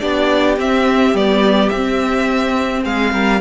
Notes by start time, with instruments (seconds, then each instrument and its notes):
0.00 cello B3, viola D4, violin G4 D5
0.58 cello C4, viola C4, violin E5
1.14 cello G3, viola B3, violin D5
1.70 cello C4, violin E5
1.76 viola C4
2.83 cello G#3, violin G#4 F5
3.13 cello G3, violin A#4